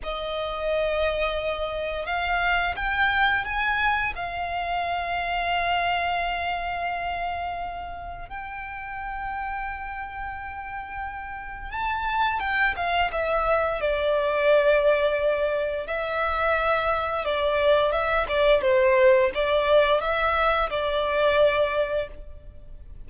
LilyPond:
\new Staff \with { instrumentName = "violin" } { \time 4/4 \tempo 4 = 87 dis''2. f''4 | g''4 gis''4 f''2~ | f''1 | g''1~ |
g''4 a''4 g''8 f''8 e''4 | d''2. e''4~ | e''4 d''4 e''8 d''8 c''4 | d''4 e''4 d''2 | }